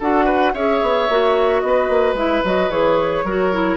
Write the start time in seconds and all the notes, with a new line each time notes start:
0.00 D4 F#4 A4 F#5
0.25 B4
0.54 C#4 G#4 C#5 E5
0.82 B3
1.10 A#3 F#4
1.60 B3 D#5
1.67 B4
1.89 A#3
2.14 G#3 E4 E5
2.44 F#3 F#4 D#5
2.70 E3 G#4 C#5
3.24 F#3 F#4 A#4
3.53 E4